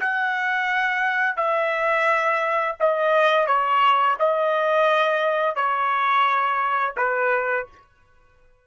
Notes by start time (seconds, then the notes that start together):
0.00 F#5
1.36 E5
2.79 D#5
3.47 C#5
4.19 D#5
5.56 C#5
6.96 B4